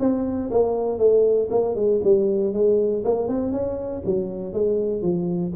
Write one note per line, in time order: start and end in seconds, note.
0.00 0.50 C4
0.51 0.99 A#3
0.99 1.49 A3
1.51 1.75 A#3
1.75 2.01 G#3
2.04 2.53 G3
2.53 3.04 G#3
3.05 3.28 A#3
3.28 3.52 C4
3.52 4.03 C#4
4.05 4.54 F#3
4.54 5.02 G#3
5.02 5.53 F3